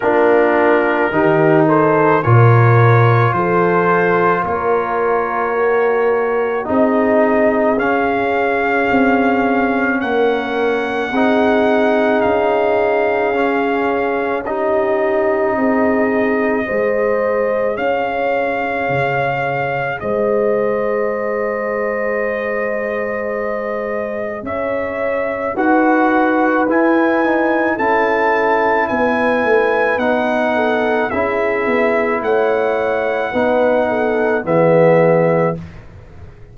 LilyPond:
<<
  \new Staff \with { instrumentName = "trumpet" } { \time 4/4 \tempo 4 = 54 ais'4. c''8 cis''4 c''4 | cis''2 dis''4 f''4~ | f''4 fis''2 f''4~ | f''4 dis''2. |
f''2 dis''2~ | dis''2 e''4 fis''4 | gis''4 a''4 gis''4 fis''4 | e''4 fis''2 e''4 | }
  \new Staff \with { instrumentName = "horn" } { \time 4/4 f'4 g'8 a'8 ais'4 a'4 | ais'2 gis'2~ | gis'4 ais'4 gis'2~ | gis'4 g'4 gis'4 c''4 |
cis''2 c''2~ | c''2 cis''4 b'4~ | b'4 a'4 b'4. a'8 | gis'4 cis''4 b'8 a'8 gis'4 | }
  \new Staff \with { instrumentName = "trombone" } { \time 4/4 d'4 dis'4 f'2~ | f'4 fis'4 dis'4 cis'4~ | cis'2 dis'2 | cis'4 dis'2 gis'4~ |
gis'1~ | gis'2. fis'4 | e'8 dis'8 e'2 dis'4 | e'2 dis'4 b4 | }
  \new Staff \with { instrumentName = "tuba" } { \time 4/4 ais4 dis4 ais,4 f4 | ais2 c'4 cis'4 | c'4 ais4 c'4 cis'4~ | cis'2 c'4 gis4 |
cis'4 cis4 gis2~ | gis2 cis'4 dis'4 | e'4 cis'4 b8 a8 b4 | cis'8 b8 a4 b4 e4 | }
>>